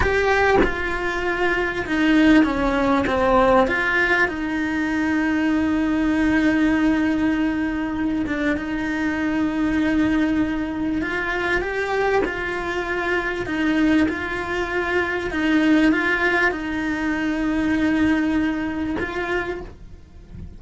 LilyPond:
\new Staff \with { instrumentName = "cello" } { \time 4/4 \tempo 4 = 98 g'4 f'2 dis'4 | cis'4 c'4 f'4 dis'4~ | dis'1~ | dis'4. d'8 dis'2~ |
dis'2 f'4 g'4 | f'2 dis'4 f'4~ | f'4 dis'4 f'4 dis'4~ | dis'2. f'4 | }